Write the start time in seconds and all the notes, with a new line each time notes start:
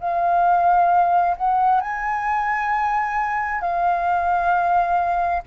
0.00 F5
1.37 F#5
1.81 G#5
3.61 F5